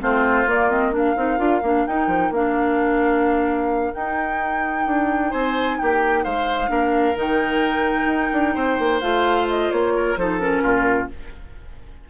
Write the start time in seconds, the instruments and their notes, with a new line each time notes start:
0.00 bassoon A3, clarinet C4, oboe F4, flute C5
0.46 clarinet A#3, bassoon A#3, flute D5
0.69 clarinet C4, flute D#5
0.92 clarinet D4, oboe A#4, flute F5
1.16 bassoon C4, clarinet D#4
1.38 bassoon D4, clarinet F4
1.62 bassoon A#3, clarinet D4
1.87 clarinet D#4, bassoon D#4, flute G5
2.07 bassoon F3
2.31 bassoon A#3, clarinet D4, flute F5
3.93 clarinet D#4, bassoon D#4, flute G5
4.86 bassoon D4
5.30 bassoon C4, oboe C5, flute G#5
5.78 bassoon A#3, oboe G4, flute G5
6.24 bassoon G#3, oboe C5, flute F5
6.68 bassoon A#3, clarinet D4, oboe A#4
7.15 bassoon D#3, clarinet D#4, flute G5
8.05 bassoon D#4
8.32 bassoon D4
8.54 bassoon C4, oboe C5
8.78 bassoon A#3
9.00 bassoon A3, clarinet F4, flute F5
9.49 flute D#5
9.71 bassoon A#3, flute C#5
9.96 oboe A#4
10.16 bassoon F3, clarinet D#4, oboe A4, flute C5
10.39 clarinet C#4, flute A#4
10.63 bassoon A#2, oboe F4